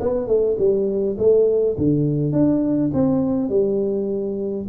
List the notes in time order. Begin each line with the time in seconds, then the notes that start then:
0.00 B3
0.27 A3
0.59 G3
1.18 A3
1.78 D3
2.32 D4
2.94 C4
3.49 G3